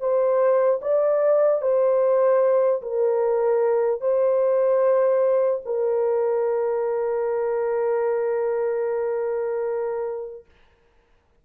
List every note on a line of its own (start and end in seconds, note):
0.00 0.80 C5
0.81 1.61 D5
1.62 2.82 C5
2.82 4.01 A#4
4.01 5.61 C5
5.65 10.45 A#4